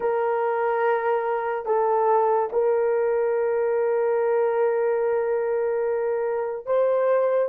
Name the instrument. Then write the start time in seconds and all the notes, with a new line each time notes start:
horn
0.00 A#4
1.65 A4
2.52 A#4
6.66 C5